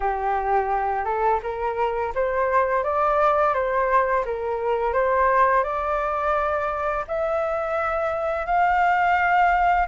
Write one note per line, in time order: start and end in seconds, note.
0.00 1.04 G4
1.04 1.40 A4
1.42 2.13 A#4
2.14 2.83 C5
2.83 3.54 D5
3.54 4.24 C5
4.25 4.93 A#4
4.93 5.63 C5
5.63 7.04 D5
7.07 8.46 E5
8.46 9.87 F5